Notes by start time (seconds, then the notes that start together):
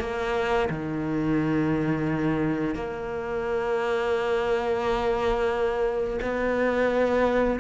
0.00 A#3
0.70 D#3
2.75 A#3
6.22 B3